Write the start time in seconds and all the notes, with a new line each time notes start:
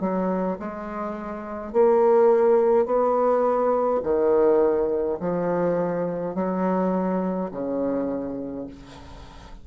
0.00 F#3
0.59 G#3
1.73 A#3
2.85 B3
4.03 D#3
5.20 F3
6.35 F#3
7.51 C#3